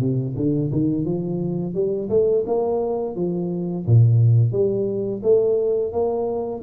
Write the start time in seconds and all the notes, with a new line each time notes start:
0.00 C3
0.36 D3
0.72 D#3
1.05 F3
1.74 G3
2.10 A3
2.46 A#3
3.16 F3
3.87 A#2
4.52 G3
5.23 A3
5.92 A#3